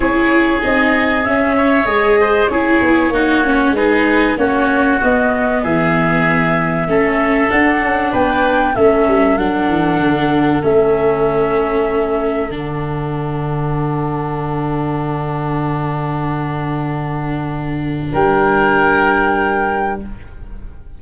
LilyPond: <<
  \new Staff \with { instrumentName = "flute" } { \time 4/4 \tempo 4 = 96 cis''4 dis''4 e''4 dis''4 | cis''2 b'4 cis''4 | dis''4 e''2. | fis''4 g''4 e''4 fis''4~ |
fis''4 e''2. | fis''1~ | fis''1~ | fis''4 g''2. | }
  \new Staff \with { instrumentName = "oboe" } { \time 4/4 gis'2~ gis'8 cis''4 c''8 | gis'4 fis'4 gis'4 fis'4~ | fis'4 gis'2 a'4~ | a'4 b'4 a'2~ |
a'1~ | a'1~ | a'1~ | a'4 ais'2. | }
  \new Staff \with { instrumentName = "viola" } { \time 4/4 e'4 dis'4 cis'4 gis'4 | e'4 dis'8 cis'8 dis'4 cis'4 | b2. cis'4 | d'2 cis'4 d'4~ |
d'4 cis'2. | d'1~ | d'1~ | d'1 | }
  \new Staff \with { instrumentName = "tuba" } { \time 4/4 cis'4 c'4 cis'4 gis4 | cis'8 b8 ais4 gis4 ais4 | b4 e2 a4 | d'8 cis'8 b4 a8 g8 fis8 e8 |
d4 a2. | d1~ | d1~ | d4 g2. | }
>>